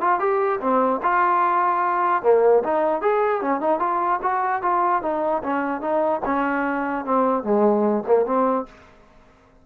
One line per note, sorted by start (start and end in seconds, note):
0.00 0.19 F4
0.19 0.59 G4
0.60 1.00 C4
1.02 2.22 F4
2.22 2.63 A#3
2.63 3.01 D#4
3.01 3.41 G#4
3.41 3.60 C#4
3.60 3.79 D#4
3.79 4.20 F4
4.22 4.62 F#4
4.62 5.02 F4
5.02 5.42 D#4
5.43 5.80 C#4
5.80 6.21 D#4
6.25 7.05 C#4
7.05 7.43 C4
7.43 8.04 G#3
8.06 8.25 A#3
8.25 8.66 C4